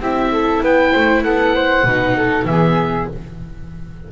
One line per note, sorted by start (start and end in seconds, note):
0.00 0.61 C4
0.00 1.87 E4
0.00 0.32 G4
0.00 0.64 E5
0.32 0.62 A4
0.62 0.94 B3
0.62 0.92 B4
0.62 1.24 G5
0.92 1.25 A3
0.92 1.23 C5
1.24 1.84 B3
1.24 1.55 A4
1.24 2.46 F#5
1.55 1.85 C5
1.84 2.45 B2
1.84 2.49 D#4
1.84 2.16 B4
2.17 2.47 A4
2.45 3.06 E3
2.45 3.11 B3
2.45 3.12 G#4
2.45 3.07 E5